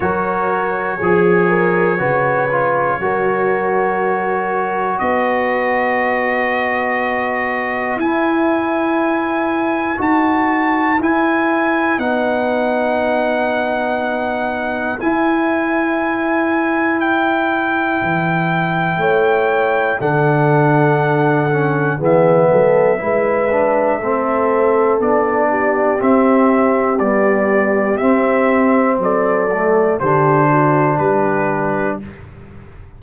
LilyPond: <<
  \new Staff \with { instrumentName = "trumpet" } { \time 4/4 \tempo 4 = 60 cis''1~ | cis''4 dis''2. | gis''2 a''4 gis''4 | fis''2. gis''4~ |
gis''4 g''2. | fis''2 e''2~ | e''4 d''4 e''4 d''4 | e''4 d''4 c''4 b'4 | }
  \new Staff \with { instrumentName = "horn" } { \time 4/4 ais'4 gis'8 ais'8 b'4 ais'4~ | ais'4 b'2.~ | b'1~ | b'1~ |
b'2. cis''4 | a'2 gis'8 a'8 b'4 | a'4. g'2~ g'8~ | g'4 a'4 g'8 fis'8 g'4 | }
  \new Staff \with { instrumentName = "trombone" } { \time 4/4 fis'4 gis'4 fis'8 f'8 fis'4~ | fis'1 | e'2 fis'4 e'4 | dis'2. e'4~ |
e'1 | d'4. cis'8 b4 e'8 d'8 | c'4 d'4 c'4 g4 | c'4. a8 d'2 | }
  \new Staff \with { instrumentName = "tuba" } { \time 4/4 fis4 f4 cis4 fis4~ | fis4 b2. | e'2 dis'4 e'4 | b2. e'4~ |
e'2 e4 a4 | d2 e8 fis8 gis4 | a4 b4 c'4 b4 | c'4 fis4 d4 g4 | }
>>